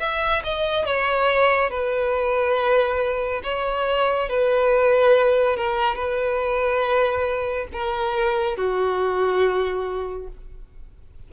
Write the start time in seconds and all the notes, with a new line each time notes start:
0.00 E5
0.44 D#5
0.86 C#5
1.71 B4
3.44 C#5
4.29 B4
5.57 A#4
5.96 B4
7.73 A#4
8.57 F#4